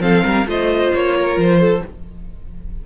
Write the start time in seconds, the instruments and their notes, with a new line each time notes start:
0.00 cello F3, viola C4, violin A4 F5
0.24 cello G3, violin A#4
0.47 cello A3, viola F4, violin C5 D#5
0.95 cello A#3, violin C#5
1.17 violin A#4
1.37 cello F3, violin C5
1.61 violin A4